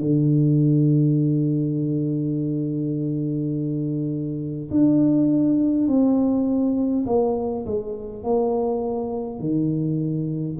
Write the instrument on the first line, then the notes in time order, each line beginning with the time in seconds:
tuba
0.00 D3
4.71 D4
5.88 C4
7.06 A#3
7.66 G#3
8.24 A#3
9.40 D#3